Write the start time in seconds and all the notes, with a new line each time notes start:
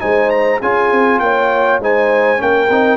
0.00 G#3 D#4 C5 G#5
0.30 A#5
0.61 C#4 F4 G#4 G#5
0.92 C4
1.20 A#3 C#5 G5
1.80 G#3 D#4 C5 G#5
2.37 A#3 C#4 A#4 G5
2.69 C4 D#4